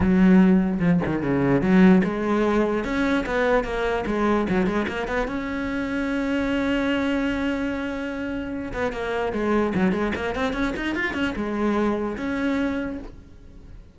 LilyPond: \new Staff \with { instrumentName = "cello" } { \time 4/4 \tempo 4 = 148 fis2 f8 dis8 cis4 | fis4 gis2 cis'4 | b4 ais4 gis4 fis8 gis8 | ais8 b8 cis'2.~ |
cis'1~ | cis'4. b8 ais4 gis4 | fis8 gis8 ais8 c'8 cis'8 dis'8 f'8 cis'8 | gis2 cis'2 | }